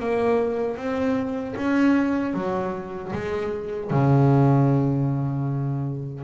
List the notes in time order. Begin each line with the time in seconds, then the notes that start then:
0.00 A#3
0.77 C4
1.57 C#4
2.34 F#3
3.13 G#3
3.91 C#3